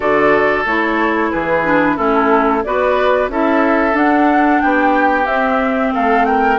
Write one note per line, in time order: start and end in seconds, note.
0.00 0.65 D3
0.00 0.65 F#4
0.00 1.29 A4
0.00 0.64 D5
0.65 1.31 A3
0.65 1.63 E4
0.65 1.31 C#5
1.31 1.98 E3
1.31 1.96 G#4
1.31 1.97 B4
1.63 1.96 D4
1.96 2.64 A3
1.96 2.62 C#4
1.96 2.62 E4
1.96 2.63 A4
2.63 3.28 B3
2.63 3.30 F#4
2.63 3.31 B4
2.63 3.29 D5
3.28 3.94 C#4
3.28 3.92 E4
3.28 4.62 A4
3.28 3.96 E5
3.92 5.24 D4
3.92 4.60 D4
3.92 4.61 F#5
4.61 5.26 B3
4.61 5.93 G4
4.61 5.26 G5
5.26 5.92 C4
5.26 6.58 C4
5.26 5.92 E5
5.93 6.58 A3
5.93 6.26 A4
5.93 6.25 F5
6.25 6.58 A#4
6.25 6.58 G5